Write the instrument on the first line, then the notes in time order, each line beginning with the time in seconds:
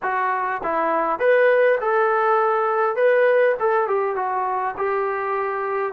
trombone
0.02 F#4
0.63 E4
1.19 B4
1.80 A4
2.95 B4
3.59 A4
3.87 G4
4.15 F#4
4.77 G4